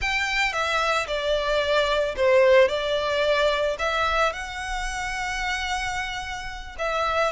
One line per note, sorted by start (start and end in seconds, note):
0.01 0.53 G5
0.53 1.07 E5
1.07 2.15 D5
2.16 2.68 C5
2.68 3.76 D5
3.78 4.32 E5
4.32 6.76 F#5
6.78 7.32 E5